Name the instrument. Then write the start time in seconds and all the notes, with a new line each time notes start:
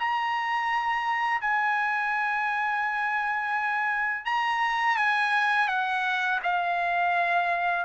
trumpet
0.00 A#5
1.41 G#5
4.25 A#5
4.97 G#5
5.68 F#5
6.44 F5